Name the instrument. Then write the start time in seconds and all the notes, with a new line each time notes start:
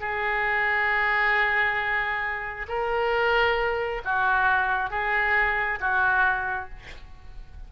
oboe
0.00 G#4
2.68 A#4
4.04 F#4
4.90 G#4
5.80 F#4